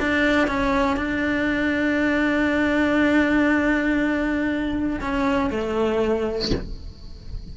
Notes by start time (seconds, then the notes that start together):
0.00 D4
0.48 C#4
0.97 D4
5.01 C#4
5.51 A3